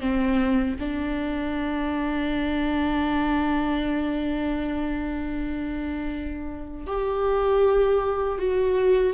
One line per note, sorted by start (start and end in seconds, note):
0.00 0.76 C4
0.79 6.87 D4
6.87 8.39 G4
8.39 9.13 F#4